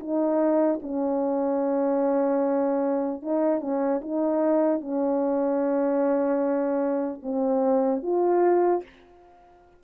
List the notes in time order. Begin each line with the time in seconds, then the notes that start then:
0.00 D#4
0.82 C#4
3.22 D#4
3.61 C#4
4.01 D#4
4.81 C#4
7.23 C4
8.03 F4